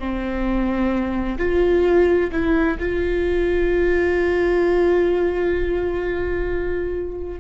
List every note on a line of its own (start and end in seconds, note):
0.00 1.38 C4
1.39 2.31 F4
2.32 2.78 E4
2.79 7.40 F4